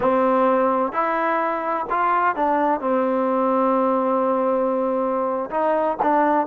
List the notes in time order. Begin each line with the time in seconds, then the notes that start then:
0.00 C4
0.92 E4
1.90 F4
2.35 D4
2.80 C4
5.50 D#4
6.02 D4